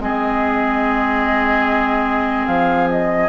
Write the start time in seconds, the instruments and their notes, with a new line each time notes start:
0.00 bassoon G#3, clarinet C4, oboe G#4, flute D#5
2.47 bassoon F3, flute F5
2.90 flute D#5